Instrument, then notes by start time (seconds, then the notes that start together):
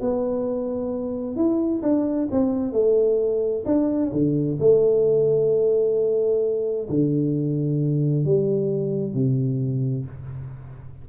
tuba
0.00 B3
1.35 E4
1.82 D4
2.31 C4
2.72 A3
3.65 D4
4.12 D3
4.59 A3
6.89 D3
8.24 G3
9.13 C3